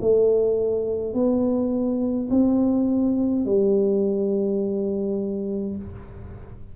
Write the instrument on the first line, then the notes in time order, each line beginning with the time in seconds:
tuba
0.00 A3
1.13 B3
2.30 C4
3.45 G3